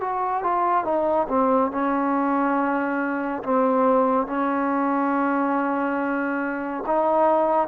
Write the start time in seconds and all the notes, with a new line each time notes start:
0.00 F#4
0.43 F4
0.84 D#4
1.28 C4
1.71 C#4
3.42 C4
4.26 C#4
6.86 D#4